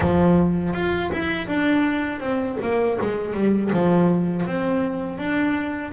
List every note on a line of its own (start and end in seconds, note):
0.00 0.73 F3
0.73 1.10 F4
1.12 1.47 E4
1.47 2.20 D4
2.20 2.57 C4
2.61 2.98 A#3
3.01 3.33 G#3
3.33 3.70 G3
3.72 4.46 F3
4.46 5.18 C4
5.18 5.92 D4